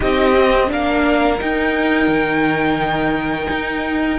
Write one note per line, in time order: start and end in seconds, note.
0.00 0.71 C4
0.00 0.34 D#4
0.00 0.68 G4
0.00 0.71 D#5
0.36 0.67 C4
0.67 1.41 A#3
0.67 1.36 D4
0.67 4.18 A#4
0.67 1.40 F5
1.39 4.18 D#4
1.39 2.07 D#4
1.39 4.18 G5
2.07 3.47 D#3
3.50 4.18 D#4